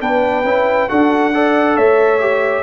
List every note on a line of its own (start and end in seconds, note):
0.00 0.44 B3
0.00 0.44 D4
0.00 0.90 B4
0.00 0.89 G5
0.44 0.88 C#4
0.44 0.89 E4
0.89 1.77 D4
0.89 1.33 F#4
0.89 1.34 A4
0.89 1.77 F#5
1.33 2.20 A4
1.33 1.76 D5
1.76 2.63 A3
1.76 2.63 C#5
1.76 2.63 E5
2.20 2.63 G4